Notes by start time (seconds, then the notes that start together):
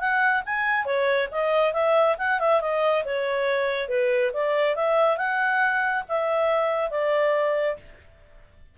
0.00 F#5
0.46 G#5
0.86 C#5
1.31 D#5
1.74 E5
2.18 F#5
2.40 E5
2.61 D#5
3.05 C#5
3.89 B4
4.34 D5
4.76 E5
5.17 F#5
6.08 E5
6.91 D5